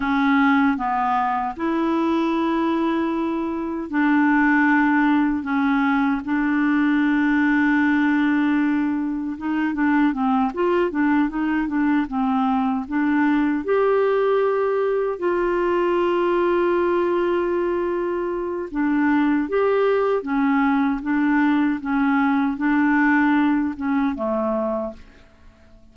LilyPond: \new Staff \with { instrumentName = "clarinet" } { \time 4/4 \tempo 4 = 77 cis'4 b4 e'2~ | e'4 d'2 cis'4 | d'1 | dis'8 d'8 c'8 f'8 d'8 dis'8 d'8 c'8~ |
c'8 d'4 g'2 f'8~ | f'1 | d'4 g'4 cis'4 d'4 | cis'4 d'4. cis'8 a4 | }